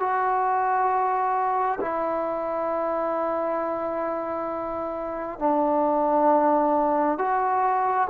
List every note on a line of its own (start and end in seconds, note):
0.00 1.79 F#4
1.81 5.39 E4
5.39 7.18 D4
7.18 8.08 F#4